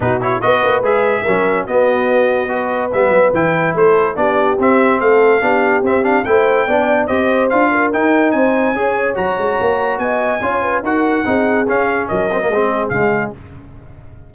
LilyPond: <<
  \new Staff \with { instrumentName = "trumpet" } { \time 4/4 \tempo 4 = 144 b'8 cis''8 dis''4 e''2 | dis''2. e''4 | g''4 c''4 d''4 e''4 | f''2 e''8 f''8 g''4~ |
g''4 dis''4 f''4 g''4 | gis''2 ais''2 | gis''2 fis''2 | f''4 dis''2 f''4 | }
  \new Staff \with { instrumentName = "horn" } { \time 4/4 fis'4 b'2 ais'4 | fis'2 b'2~ | b'4 a'4 g'2 | a'4 g'2 c''4 |
d''4 c''4. ais'4. | c''4 cis''2. | dis''4 cis''8 b'8 ais'4 gis'4~ | gis'4 ais'4 gis'2 | }
  \new Staff \with { instrumentName = "trombone" } { \time 4/4 dis'8 e'8 fis'4 gis'4 cis'4 | b2 fis'4 b4 | e'2 d'4 c'4~ | c'4 d'4 c'8 d'8 e'4 |
d'4 g'4 f'4 dis'4~ | dis'4 gis'4 fis'2~ | fis'4 f'4 fis'4 dis'4 | cis'4. c'16 ais16 c'4 gis4 | }
  \new Staff \with { instrumentName = "tuba" } { \time 4/4 b,4 b8 ais8 gis4 fis4 | b2. g8 fis8 | e4 a4 b4 c'4 | a4 b4 c'4 a4 |
b4 c'4 d'4 dis'4 | c'4 cis'4 fis8 gis8 ais4 | b4 cis'4 dis'4 c'4 | cis'4 fis4 gis4 cis4 | }
>>